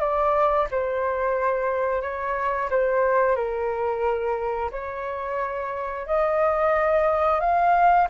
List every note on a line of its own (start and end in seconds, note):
0.00 0.67 D5
0.71 2.02 C5
2.02 2.70 C#5
2.70 3.36 C5
3.36 4.71 A#4
4.72 6.07 C#5
6.07 7.41 D#5
7.41 8.08 F5